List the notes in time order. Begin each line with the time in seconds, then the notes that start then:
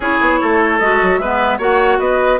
0.00 C#4 E4 G#4 C#5
0.21 B3
0.41 A3 A4
0.78 G#3 F#4 D#5
1.02 F#3
1.18 G#3 B3 B4 E5
1.58 A#3 F#4 C#5 F#5
1.98 B3 B4 D#5